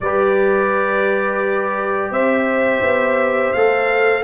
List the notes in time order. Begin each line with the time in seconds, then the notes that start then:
0.00 G3 G4 B4 D5
2.10 C4 C5 E5
2.81 B3
3.52 A3 A4 F5